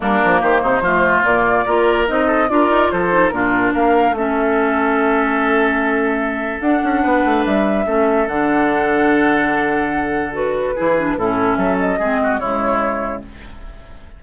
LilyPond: <<
  \new Staff \with { instrumentName = "flute" } { \time 4/4 \tempo 4 = 145 ais'4 c''2 d''4~ | d''4 dis''4 d''4 c''4 | ais'4 f''4 e''2~ | e''1 |
fis''2 e''2 | fis''1~ | fis''4 b'2 a'4 | e''8 dis''4. cis''2 | }
  \new Staff \with { instrumentName = "oboe" } { \time 4/4 d'4 g'8 dis'8 f'2 | ais'4. a'8 ais'4 a'4 | f'4 ais'4 a'2~ | a'1~ |
a'4 b'2 a'4~ | a'1~ | a'2 gis'4 e'4 | a'4 gis'8 fis'8 e'2 | }
  \new Staff \with { instrumentName = "clarinet" } { \time 4/4 ais2 a4 ais4 | f'4 dis'4 f'4. dis'8 | d'2 cis'2~ | cis'1 |
d'2. cis'4 | d'1~ | d'4 fis'4 e'8 d'8 cis'4~ | cis'4 c'4 gis2 | }
  \new Staff \with { instrumentName = "bassoon" } { \time 4/4 g8 f8 dis8 c8 f4 ais,4 | ais4 c'4 d'8 dis'8 f4 | ais,4 ais4 a2~ | a1 |
d'8 cis'8 b8 a8 g4 a4 | d1~ | d2 e4 a,4 | fis4 gis4 cis2 | }
>>